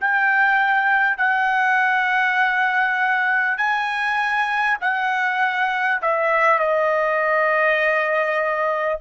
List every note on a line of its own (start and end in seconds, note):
0.00 1.17 G5
1.17 3.57 F#5
3.57 4.77 G#5
4.81 6.01 F#5
6.02 6.59 E5
6.59 8.99 D#5